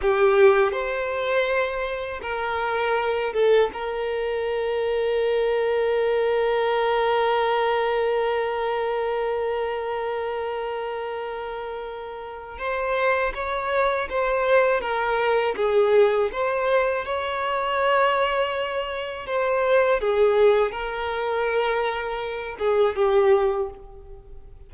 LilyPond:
\new Staff \with { instrumentName = "violin" } { \time 4/4 \tempo 4 = 81 g'4 c''2 ais'4~ | ais'8 a'8 ais'2.~ | ais'1~ | ais'1~ |
ais'4 c''4 cis''4 c''4 | ais'4 gis'4 c''4 cis''4~ | cis''2 c''4 gis'4 | ais'2~ ais'8 gis'8 g'4 | }